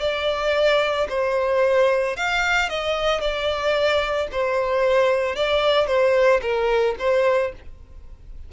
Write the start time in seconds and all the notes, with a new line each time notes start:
0.00 D5
1.09 C5
2.17 F5
2.69 D#5
3.20 D5
4.31 C5
5.36 D5
5.87 C5
6.41 A#4
6.99 C5